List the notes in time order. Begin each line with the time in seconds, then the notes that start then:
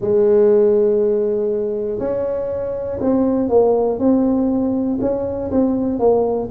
0.00 G#3
1.99 C#4
3.00 C4
3.49 A#3
3.98 C4
5.00 C#4
5.51 C4
5.99 A#3